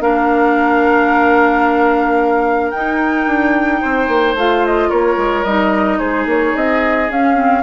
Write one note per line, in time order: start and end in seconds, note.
0.00 2.73 A#3
0.00 2.73 D4
0.00 3.81 A#4
0.00 2.71 F5
2.71 3.26 D#4
2.71 4.37 D#4
2.71 4.34 G5
3.26 3.81 D4
3.81 4.08 C4
3.81 4.89 C5
4.08 4.34 A#3
4.34 4.89 A3
4.34 5.46 F4
4.34 4.65 F5
4.66 4.90 D#5
4.89 5.17 A#3
4.89 5.98 A#4
4.89 5.44 C#5
5.17 5.44 G#3
5.44 5.99 G3
5.44 7.09 D#4
5.44 5.98 D#5
5.98 6.25 G#3
5.98 7.62 G#4
5.98 6.26 C5
6.25 6.53 A#3
6.25 6.56 C#5
6.56 7.10 C4
6.56 7.11 D#5
7.10 7.63 C#4
7.10 7.34 C#4
7.10 7.63 F5
7.34 7.61 C4